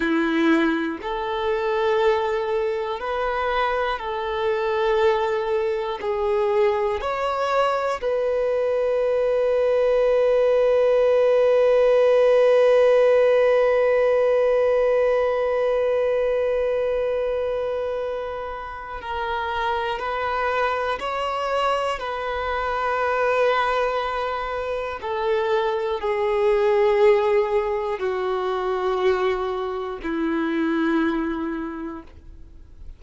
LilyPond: \new Staff \with { instrumentName = "violin" } { \time 4/4 \tempo 4 = 60 e'4 a'2 b'4 | a'2 gis'4 cis''4 | b'1~ | b'1~ |
b'2. ais'4 | b'4 cis''4 b'2~ | b'4 a'4 gis'2 | fis'2 e'2 | }